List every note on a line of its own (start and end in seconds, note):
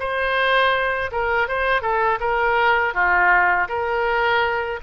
0.00 1.11 C5
1.12 1.48 A#4
1.48 1.82 C5
1.82 2.19 A4
2.20 2.94 A#4
2.94 3.68 F4
3.69 4.80 A#4